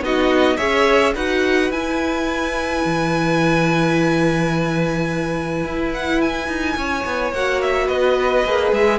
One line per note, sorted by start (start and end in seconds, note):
0.00 0.56 B3
0.00 0.57 D#4
0.00 0.57 F#4
0.00 0.57 D#5
0.57 1.14 C#4
0.57 1.13 G#4
0.57 1.13 C#5
0.57 1.13 E5
1.14 1.70 D#4
1.14 1.72 F#4
1.14 6.75 B4
1.14 1.71 F#5
1.70 2.82 E4
1.70 7.33 E4
1.70 5.92 G#5
2.84 5.64 E3
5.64 6.48 E4
5.93 6.21 F#5
6.21 7.33 G#5
6.48 6.76 D#4
6.76 7.04 C#4
6.76 7.86 C#5
7.05 7.32 B3
7.32 7.88 A#3
7.32 8.46 F#4
7.32 7.61 F#5
7.61 7.87 E5
7.86 8.44 B3
7.86 8.98 B4
7.86 8.72 D#5
8.44 8.72 A#3
8.44 8.98 G#4
8.72 8.98 G#3
8.72 8.98 E5